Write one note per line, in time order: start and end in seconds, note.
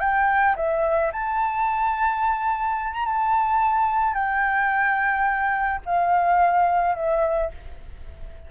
0.00 0.56 G5
0.56 1.12 E5
1.13 2.93 A5
2.93 3.06 A#5
3.06 4.14 A5
4.14 5.81 G5
5.86 6.95 F5
6.95 7.51 E5